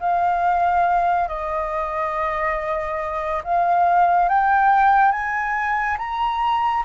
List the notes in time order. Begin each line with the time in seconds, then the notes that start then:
0.00 F5
1.28 D#5
3.44 F5
4.29 G5
5.12 G#5
5.98 A#5